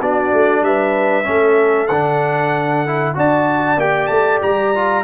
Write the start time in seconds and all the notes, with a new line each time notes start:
0.00 B3 D4 F#4 D5
0.33 A3
0.62 G3 B4 E5
1.24 A3 C#4 A4
1.87 D3 D4 F#5
2.87 E4
3.15 D4 F#4 D5 A5
3.77 A#3 G4 G5
4.07 A3 A5
4.42 G3 A#5
4.75 F4